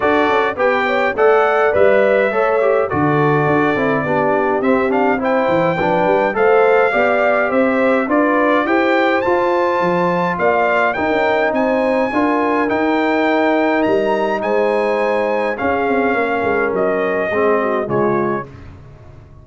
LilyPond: <<
  \new Staff \with { instrumentName = "trumpet" } { \time 4/4 \tempo 4 = 104 d''4 g''4 fis''4 e''4~ | e''4 d''2. | e''8 f''8 g''2 f''4~ | f''4 e''4 d''4 g''4 |
a''2 f''4 g''4 | gis''2 g''2 | ais''4 gis''2 f''4~ | f''4 dis''2 cis''4 | }
  \new Staff \with { instrumentName = "horn" } { \time 4/4 a'4 b'8 cis''8 d''2 | cis''4 a'2 g'4~ | g'4 c''4 b'4 c''4 | d''4 c''4 b'4 c''4~ |
c''2 d''4 ais'4 | c''4 ais'2.~ | ais'4 c''2 gis'4 | ais'2 gis'8 fis'8 f'4 | }
  \new Staff \with { instrumentName = "trombone" } { \time 4/4 fis'4 g'4 a'4 b'4 | a'8 g'8 fis'4. e'8 d'4 | c'8 d'8 e'4 d'4 a'4 | g'2 f'4 g'4 |
f'2. dis'4~ | dis'4 f'4 dis'2~ | dis'2. cis'4~ | cis'2 c'4 gis4 | }
  \new Staff \with { instrumentName = "tuba" } { \time 4/4 d'8 cis'8 b4 a4 g4 | a4 d4 d'8 c'8 b4 | c'4. e8 f8 g8 a4 | b4 c'4 d'4 e'4 |
f'4 f4 ais4 dis'16 cis'8. | c'4 d'4 dis'2 | g4 gis2 cis'8 c'8 | ais8 gis8 fis4 gis4 cis4 | }
>>